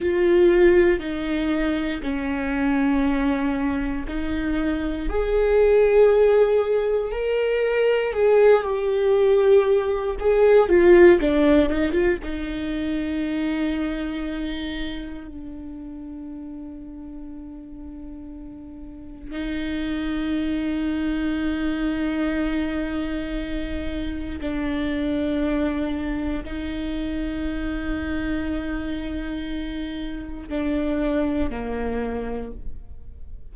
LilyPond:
\new Staff \with { instrumentName = "viola" } { \time 4/4 \tempo 4 = 59 f'4 dis'4 cis'2 | dis'4 gis'2 ais'4 | gis'8 g'4. gis'8 f'8 d'8 dis'16 f'16 | dis'2. d'4~ |
d'2. dis'4~ | dis'1 | d'2 dis'2~ | dis'2 d'4 ais4 | }